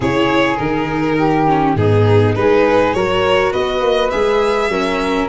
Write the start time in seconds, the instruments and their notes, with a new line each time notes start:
0.00 tuba C#3, viola E4, flute G#4, violin C#5
0.56 tuba D#3, viola D#4, violin A#4
1.18 flute G4
1.47 viola C#4
1.75 tuba G#2, viola B3, flute D#4, violin G#4
2.35 tuba G#3, viola D#4, flute G#4, violin B4
2.93 tuba F#3, viola F#4, flute A#4, violin C#5
3.51 tuba B3, flute B4, violin D#5
3.80 tuba A#3
4.10 tuba G#3, viola G#4, violin E5
4.68 tuba F#3, viola C#4, flute A#4